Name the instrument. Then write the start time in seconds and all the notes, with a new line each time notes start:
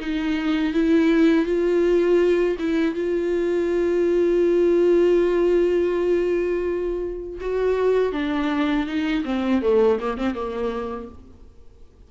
viola
0.00 D#4
0.73 E4
1.45 F4
2.59 E4
2.95 F4
7.41 F#4
8.12 D4
8.87 D#4
9.25 C4
9.62 A3
10.00 A#3
10.18 C4
10.34 A#3